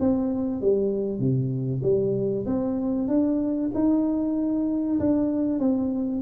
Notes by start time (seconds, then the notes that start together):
0.00 C4
0.61 G3
1.19 C3
1.83 G3
2.46 C4
3.08 D4
3.74 D#4
4.99 D4
5.59 C4